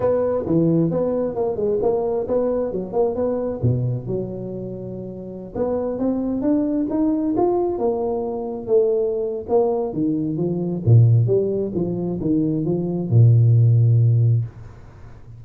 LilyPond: \new Staff \with { instrumentName = "tuba" } { \time 4/4 \tempo 4 = 133 b4 e4 b4 ais8 gis8 | ais4 b4 fis8 ais8 b4 | b,4 fis2.~ | fis16 b4 c'4 d'4 dis'8.~ |
dis'16 f'4 ais2 a8.~ | a4 ais4 dis4 f4 | ais,4 g4 f4 dis4 | f4 ais,2. | }